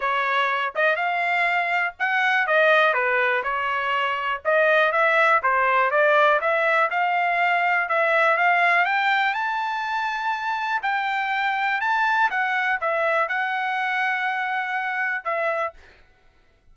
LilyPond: \new Staff \with { instrumentName = "trumpet" } { \time 4/4 \tempo 4 = 122 cis''4. dis''8 f''2 | fis''4 dis''4 b'4 cis''4~ | cis''4 dis''4 e''4 c''4 | d''4 e''4 f''2 |
e''4 f''4 g''4 a''4~ | a''2 g''2 | a''4 fis''4 e''4 fis''4~ | fis''2. e''4 | }